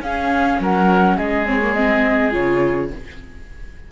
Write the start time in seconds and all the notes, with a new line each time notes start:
0.00 C#4 G#4 F5
0.59 F#3 A#4 F#5
1.17 G#3 G#4 D#5
1.46 C4 C#5
1.62 A#3
1.74 C4 D#5
2.31 C#3 F4 C#5